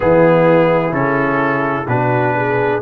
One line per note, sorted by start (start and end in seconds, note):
0.00 0.92 E3
0.00 0.92 B3
0.00 1.87 E4
0.00 0.93 G#4
0.92 1.86 C#3
0.92 1.86 C#4
0.92 1.87 A4
1.87 2.81 B2
1.87 2.82 D4
1.87 2.34 F#4
1.87 2.81 B4
2.35 2.82 G#4